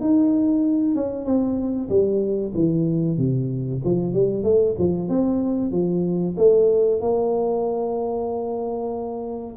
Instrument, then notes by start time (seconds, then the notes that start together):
tuba
0.00 D#4
0.95 C#4
1.25 C4
1.89 G3
2.54 E3
3.17 C3
3.84 F3
4.13 G3
4.43 A3
4.78 F3
5.09 C4
5.71 F3
6.37 A3
7.01 A#3